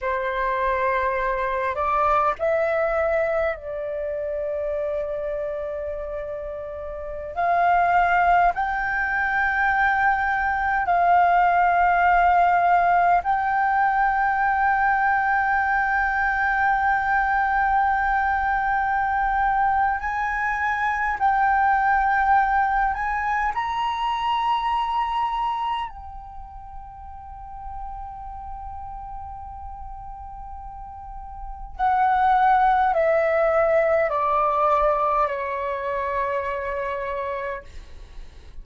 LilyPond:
\new Staff \with { instrumentName = "flute" } { \time 4/4 \tempo 4 = 51 c''4. d''8 e''4 d''4~ | d''2~ d''16 f''4 g''8.~ | g''4~ g''16 f''2 g''8.~ | g''1~ |
g''4 gis''4 g''4. gis''8 | ais''2 g''2~ | g''2. fis''4 | e''4 d''4 cis''2 | }